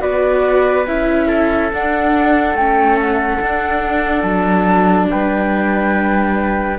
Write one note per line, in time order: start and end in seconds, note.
0.00 0.87 B3
0.00 0.85 F#4
0.00 1.28 B4
0.00 0.86 D5
0.87 1.72 C#4
0.87 1.72 E4
0.87 1.72 E5
1.28 5.08 A4
1.73 2.54 D4
1.73 2.59 D4
1.73 2.56 F#5
2.54 3.39 A3
2.54 3.43 C#4
2.54 2.99 G5
3.01 4.23 F#5
3.41 4.23 D4
3.41 6.79 D4
4.23 5.08 F#3
4.23 5.07 A5
5.10 6.79 G3
5.10 6.79 B4
5.10 6.79 G5